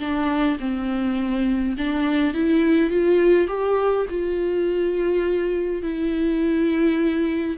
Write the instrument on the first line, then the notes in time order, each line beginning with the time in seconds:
viola
0.00 D4
0.60 C4
1.78 D4
2.34 E4
2.90 F4
3.48 G4
4.10 F4
5.83 E4